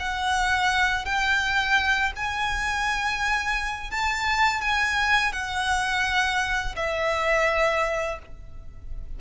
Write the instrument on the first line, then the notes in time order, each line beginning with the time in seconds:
violin
0.00 F#5
1.06 G5
2.17 G#5
3.91 A5
4.62 G#5
5.33 F#5
6.76 E5